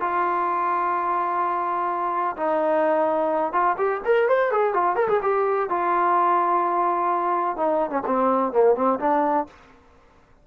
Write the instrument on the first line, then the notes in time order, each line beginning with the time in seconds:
trombone
0.00 F4
2.36 D#4
3.52 F4
3.77 G4
4.05 A#4
4.28 C5
4.51 G#4
4.74 F4
4.96 A#4
5.08 G#4
5.22 G4
5.69 F4
7.57 D#4
7.90 C#4
8.06 C4
8.53 A#3
8.75 C4
8.99 D4